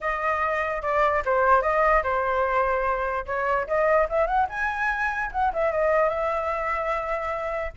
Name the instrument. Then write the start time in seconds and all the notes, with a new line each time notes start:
flute
0.01 D#5
0.81 D5
1.25 C5
1.62 D#5
2.03 C5
3.25 C#5
3.67 D#5
4.09 E5
4.26 F#5
4.49 G#5
5.32 F#5
5.53 E5
5.72 D#5
6.09 E5